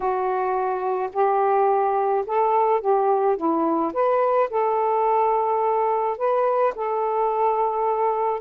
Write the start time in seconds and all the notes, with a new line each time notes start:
0.00 F#4
1.12 G4
2.26 A4
2.80 G4
3.36 E4
3.93 B4
4.50 A4
6.17 B4
6.75 A4